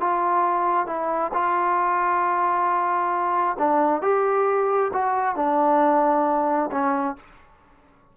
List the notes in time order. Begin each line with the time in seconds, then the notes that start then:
0.00 F4
0.86 E4
1.33 F4
3.59 D4
4.02 G4
4.93 F#4
5.36 D4
6.71 C#4